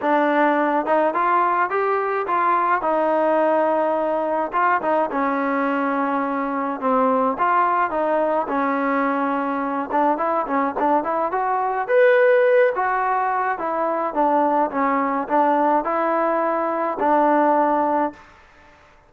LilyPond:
\new Staff \with { instrumentName = "trombone" } { \time 4/4 \tempo 4 = 106 d'4. dis'8 f'4 g'4 | f'4 dis'2. | f'8 dis'8 cis'2. | c'4 f'4 dis'4 cis'4~ |
cis'4. d'8 e'8 cis'8 d'8 e'8 | fis'4 b'4. fis'4. | e'4 d'4 cis'4 d'4 | e'2 d'2 | }